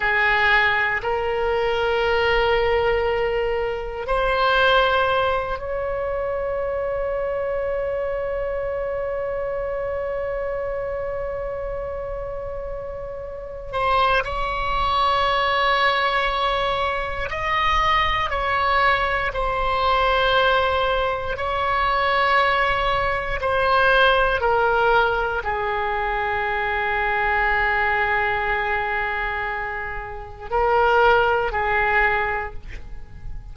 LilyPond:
\new Staff \with { instrumentName = "oboe" } { \time 4/4 \tempo 4 = 59 gis'4 ais'2. | c''4. cis''2~ cis''8~ | cis''1~ | cis''4. c''8 cis''2~ |
cis''4 dis''4 cis''4 c''4~ | c''4 cis''2 c''4 | ais'4 gis'2.~ | gis'2 ais'4 gis'4 | }